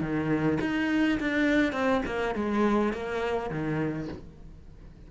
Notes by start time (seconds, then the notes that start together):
0.00 D#3
0.60 D#4
1.19 D4
1.72 C4
2.05 A#3
2.35 G#3
2.93 A#3
3.50 D#3